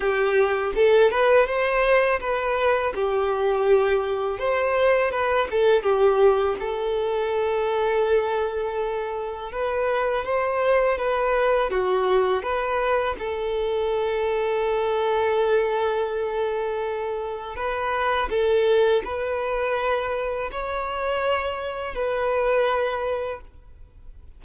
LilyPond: \new Staff \with { instrumentName = "violin" } { \time 4/4 \tempo 4 = 82 g'4 a'8 b'8 c''4 b'4 | g'2 c''4 b'8 a'8 | g'4 a'2.~ | a'4 b'4 c''4 b'4 |
fis'4 b'4 a'2~ | a'1 | b'4 a'4 b'2 | cis''2 b'2 | }